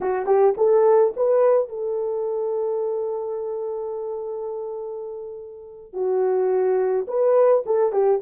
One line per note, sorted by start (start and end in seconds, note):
0.00 0.26 F#4
0.26 0.54 G4
0.57 1.13 A4
1.16 1.68 B4
1.68 5.93 A4
5.93 7.06 F#4
7.07 7.64 B4
7.66 7.92 A4
7.92 8.20 G4